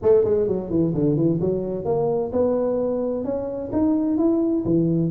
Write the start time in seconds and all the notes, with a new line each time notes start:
0.02 A3
0.24 G#3
0.47 F#3
0.70 E3
0.94 D3
1.16 E3
1.40 F#3
1.85 A#3
2.32 B3
3.24 C#4
3.72 D#4
4.17 E4
4.65 E3